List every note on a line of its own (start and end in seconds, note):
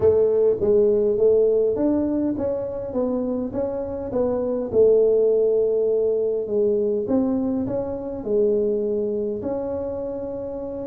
0.00 0.56 A3
0.60 1.17 G#3
1.17 1.75 A3
1.75 2.34 D4
2.37 2.93 C#4
2.93 3.52 B3
3.52 4.11 C#4
4.11 4.70 B3
4.72 6.47 A3
6.47 7.06 G#3
7.07 7.66 C4
7.66 8.24 C#4
8.24 9.41 G#3
9.41 10.86 C#4